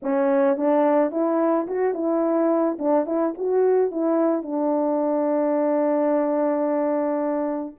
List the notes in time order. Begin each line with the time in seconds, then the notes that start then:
0.02 C#4
0.57 D4
1.11 E4
1.67 F#4
1.94 E4
2.78 D4
3.06 E4
3.37 F#4
3.91 E4
4.42 D4